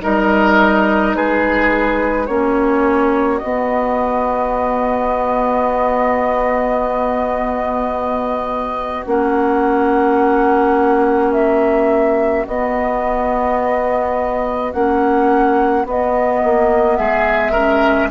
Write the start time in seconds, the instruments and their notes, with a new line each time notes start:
0.00 bassoon G3, clarinet D#4, oboe A#4, flute D#5
1.15 bassoon G#3, oboe G#4, flute B4
2.26 bassoon A#3, clarinet C#4, oboe F#4, flute C#5
3.38 bassoon B3, clarinet B3, flute D#5
9.05 bassoon A#3, clarinet C#4, flute F#5
11.33 flute E5
12.47 bassoon B3, clarinet B3, flute D#5
14.72 bassoon A#3, clarinet C#4, flute F#5
15.85 clarinet B3, bassoon B3, flute D#5
16.44 bassoon A#3
16.96 bassoon G#3, oboe G#4, flute E5
17.52 clarinet C#4, oboe A#4